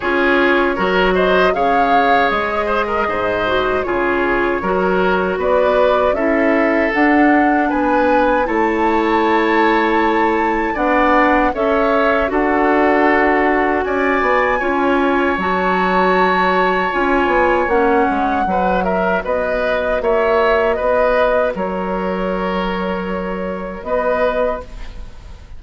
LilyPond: <<
  \new Staff \with { instrumentName = "flute" } { \time 4/4 \tempo 4 = 78 cis''4. dis''8 f''4 dis''4~ | dis''4 cis''2 d''4 | e''4 fis''4 gis''4 a''4~ | a''2 fis''4 e''4 |
fis''2 gis''2 | a''2 gis''4 fis''4~ | fis''8 e''8 dis''4 e''4 dis''4 | cis''2. dis''4 | }
  \new Staff \with { instrumentName = "oboe" } { \time 4/4 gis'4 ais'8 c''8 cis''4. c''16 ais'16 | c''4 gis'4 ais'4 b'4 | a'2 b'4 cis''4~ | cis''2 d''4 cis''4 |
a'2 d''4 cis''4~ | cis''1 | b'8 ais'8 b'4 cis''4 b'4 | ais'2. b'4 | }
  \new Staff \with { instrumentName = "clarinet" } { \time 4/4 f'4 fis'4 gis'2~ | gis'8 fis'8 f'4 fis'2 | e'4 d'2 e'4~ | e'2 d'4 a'4 |
fis'2. f'4 | fis'2 f'4 cis'4 | fis'1~ | fis'1 | }
  \new Staff \with { instrumentName = "bassoon" } { \time 4/4 cis'4 fis4 cis4 gis4 | gis,4 cis4 fis4 b4 | cis'4 d'4 b4 a4~ | a2 b4 cis'4 |
d'2 cis'8 b8 cis'4 | fis2 cis'8 b8 ais8 gis8 | fis4 b4 ais4 b4 | fis2. b4 | }
>>